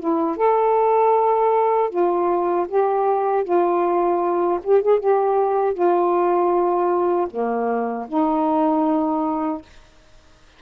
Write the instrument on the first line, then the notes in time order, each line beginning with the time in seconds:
saxophone
0.00 E4
0.37 A4
1.90 F4
2.69 G4
3.44 F4
4.64 G4
4.82 G#4
5.00 G4
5.74 F4
7.30 A#3
8.08 D#4